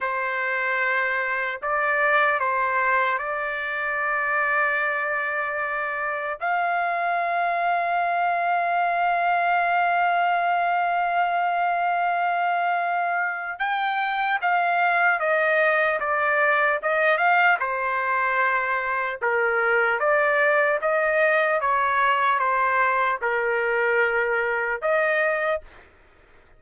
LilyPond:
\new Staff \with { instrumentName = "trumpet" } { \time 4/4 \tempo 4 = 75 c''2 d''4 c''4 | d''1 | f''1~ | f''1~ |
f''4 g''4 f''4 dis''4 | d''4 dis''8 f''8 c''2 | ais'4 d''4 dis''4 cis''4 | c''4 ais'2 dis''4 | }